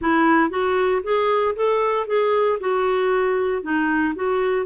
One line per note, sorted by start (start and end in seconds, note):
0.01 0.50 E4
0.50 1.02 F#4
1.03 1.54 G#4
1.55 2.07 A4
2.07 2.58 G#4
2.60 3.62 F#4
3.62 4.14 D#4
4.15 4.66 F#4